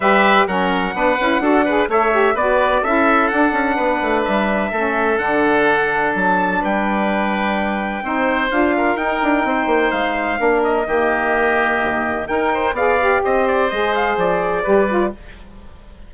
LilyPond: <<
  \new Staff \with { instrumentName = "trumpet" } { \time 4/4 \tempo 4 = 127 e''4 fis''2. | e''4 d''4 e''4 fis''4~ | fis''4 e''2 fis''4~ | fis''4 a''4 g''2~ |
g''2 f''4 g''4~ | g''4 f''4. dis''4.~ | dis''2 g''4 f''4 | dis''8 d''8 dis''8 f''8 d''2 | }
  \new Staff \with { instrumentName = "oboe" } { \time 4/4 b'4 ais'4 b'4 a'8 b'8 | cis''4 b'4 a'2 | b'2 a'2~ | a'2 b'2~ |
b'4 c''4. ais'4. | c''2 ais'4 g'4~ | g'2 ais'8 c''8 d''4 | c''2. b'4 | }
  \new Staff \with { instrumentName = "saxophone" } { \time 4/4 g'4 cis'4 d'8 e'8 fis'8 gis'8 | a'8 g'8 fis'4 e'4 d'4~ | d'2 cis'4 d'4~ | d'1~ |
d'4 dis'4 f'4 dis'4~ | dis'2 d'4 ais4~ | ais2 ais'4 gis'8 g'8~ | g'4 gis'2 g'8 f'8 | }
  \new Staff \with { instrumentName = "bassoon" } { \time 4/4 g4 fis4 b8 cis'8 d'4 | a4 b4 cis'4 d'8 cis'8 | b8 a8 g4 a4 d4~ | d4 fis4 g2~ |
g4 c'4 d'4 dis'8 d'8 | c'8 ais8 gis4 ais4 dis4~ | dis4 dis,4 dis'4 b4 | c'4 gis4 f4 g4 | }
>>